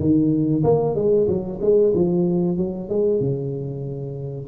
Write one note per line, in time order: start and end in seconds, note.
0.00 0.64 D#3
0.64 0.95 A#3
0.95 1.27 G#3
1.28 1.60 F#3
1.62 1.94 G#3
1.95 2.58 F3
2.58 2.90 F#3
2.90 3.20 G#3
3.20 4.48 C#3